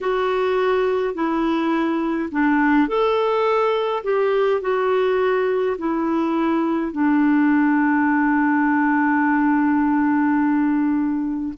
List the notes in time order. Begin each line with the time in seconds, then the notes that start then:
0.00 F#4
1.14 E4
2.31 D4
2.87 A4
4.03 G4
4.61 F#4
5.77 E4
6.92 D4